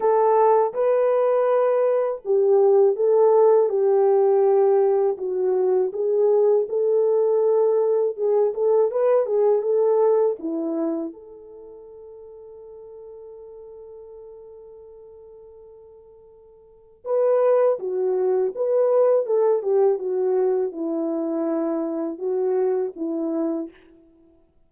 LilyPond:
\new Staff \with { instrumentName = "horn" } { \time 4/4 \tempo 4 = 81 a'4 b'2 g'4 | a'4 g'2 fis'4 | gis'4 a'2 gis'8 a'8 | b'8 gis'8 a'4 e'4 a'4~ |
a'1~ | a'2. b'4 | fis'4 b'4 a'8 g'8 fis'4 | e'2 fis'4 e'4 | }